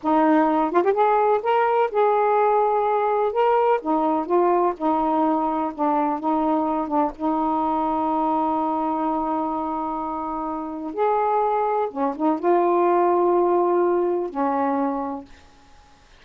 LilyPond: \new Staff \with { instrumentName = "saxophone" } { \time 4/4 \tempo 4 = 126 dis'4. f'16 g'16 gis'4 ais'4 | gis'2. ais'4 | dis'4 f'4 dis'2 | d'4 dis'4. d'8 dis'4~ |
dis'1~ | dis'2. gis'4~ | gis'4 cis'8 dis'8 f'2~ | f'2 cis'2 | }